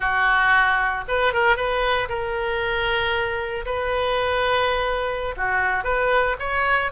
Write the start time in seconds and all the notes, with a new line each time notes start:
0.00 F#4
1.08 B4
1.33 A#4
1.56 B4
2.08 A#4
3.65 B4
5.36 F#4
5.84 B4
6.39 C#5